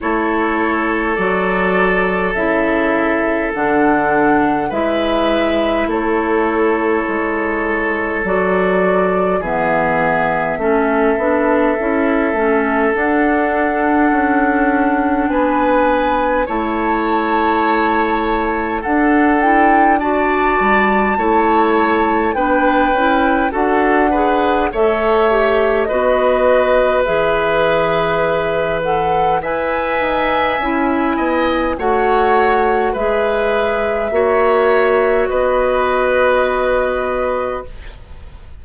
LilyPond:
<<
  \new Staff \with { instrumentName = "flute" } { \time 4/4 \tempo 4 = 51 cis''4 d''4 e''4 fis''4 | e''4 cis''2 d''4 | e''2. fis''4~ | fis''4 gis''4 a''2 |
fis''8 g''8 a''2 g''4 | fis''4 e''4 dis''4 e''4~ | e''8 fis''8 gis''2 fis''4 | e''2 dis''2 | }
  \new Staff \with { instrumentName = "oboe" } { \time 4/4 a'1 | b'4 a'2. | gis'4 a'2.~ | a'4 b'4 cis''2 |
a'4 d''4 cis''4 b'4 | a'8 b'8 cis''4 b'2~ | b'4 e''4. dis''8 cis''4 | b'4 cis''4 b'2 | }
  \new Staff \with { instrumentName = "clarinet" } { \time 4/4 e'4 fis'4 e'4 d'4 | e'2. fis'4 | b4 cis'8 d'8 e'8 cis'8 d'4~ | d'2 e'2 |
d'8 e'8 fis'4 e'4 d'8 e'8 | fis'8 gis'8 a'8 g'8 fis'4 gis'4~ | gis'8 a'8 b'4 e'4 fis'4 | gis'4 fis'2. | }
  \new Staff \with { instrumentName = "bassoon" } { \time 4/4 a4 fis4 cis4 d4 | gis4 a4 gis4 fis4 | e4 a8 b8 cis'8 a8 d'4 | cis'4 b4 a2 |
d'4. g8 a4 b8 cis'8 | d'4 a4 b4 e4~ | e4 e'8 dis'8 cis'8 b8 a4 | gis4 ais4 b2 | }
>>